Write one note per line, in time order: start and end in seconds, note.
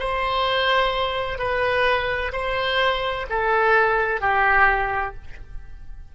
0.00 1.38 C5
1.38 2.32 B4
2.33 3.27 C5
3.30 4.21 A4
4.21 5.15 G4